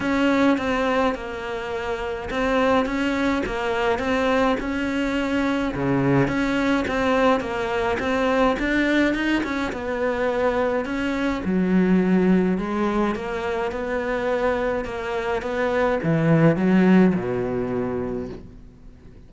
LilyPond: \new Staff \with { instrumentName = "cello" } { \time 4/4 \tempo 4 = 105 cis'4 c'4 ais2 | c'4 cis'4 ais4 c'4 | cis'2 cis4 cis'4 | c'4 ais4 c'4 d'4 |
dis'8 cis'8 b2 cis'4 | fis2 gis4 ais4 | b2 ais4 b4 | e4 fis4 b,2 | }